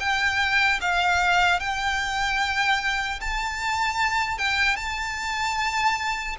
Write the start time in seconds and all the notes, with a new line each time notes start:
0.00 G5
0.81 F5
1.60 G5
3.21 A5
4.39 G5
4.76 A5